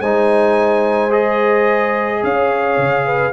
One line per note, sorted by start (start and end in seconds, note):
0.00 2.23 G#3
0.00 1.10 D#4
0.00 2.22 C5
0.00 1.12 G#5
1.10 3.32 G#4
1.10 2.23 D#5
2.23 2.77 C#4
2.23 3.05 C#5
2.23 3.33 F5
2.77 3.33 C#3
3.05 3.33 B4